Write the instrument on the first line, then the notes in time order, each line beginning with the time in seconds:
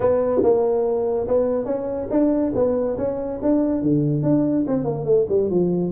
tuba
0.00 B3
0.42 A#3
1.27 B3
1.65 C#4
2.10 D4
2.54 B3
2.97 C#4
3.41 D4
3.82 D3
4.23 D4
4.67 C4
4.84 A#3
5.04 A3
5.29 G3
5.50 F3